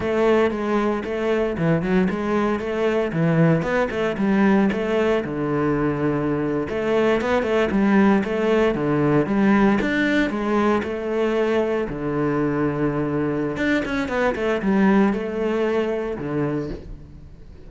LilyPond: \new Staff \with { instrumentName = "cello" } { \time 4/4 \tempo 4 = 115 a4 gis4 a4 e8 fis8 | gis4 a4 e4 b8 a8 | g4 a4 d2~ | d8. a4 b8 a8 g4 a16~ |
a8. d4 g4 d'4 gis16~ | gis8. a2 d4~ d16~ | d2 d'8 cis'8 b8 a8 | g4 a2 d4 | }